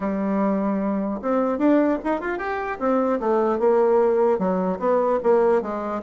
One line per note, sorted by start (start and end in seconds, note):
0.00 1.20 G3
1.22 1.58 C4
1.58 1.98 D4
2.03 2.20 D#4
2.20 2.37 F4
2.37 2.77 G4
2.79 3.19 C4
3.19 3.59 A3
3.59 4.39 A#3
4.39 4.79 F#3
4.79 5.19 B3
5.23 5.62 A#3
5.62 6.02 G#3